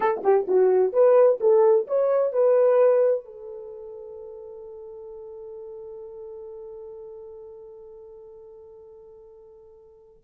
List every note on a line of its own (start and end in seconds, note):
0.00 0.22 A4
0.23 0.46 G4
0.47 0.92 F#4
0.92 1.39 B4
1.40 1.86 A4
1.87 2.32 C#5
2.32 3.25 B4
3.25 10.22 A4